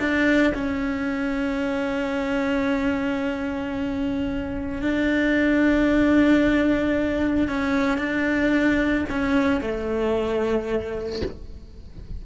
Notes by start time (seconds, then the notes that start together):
0.00 D4
0.55 C#4
4.82 D4
7.49 C#4
7.98 D4
9.10 C#4
9.61 A3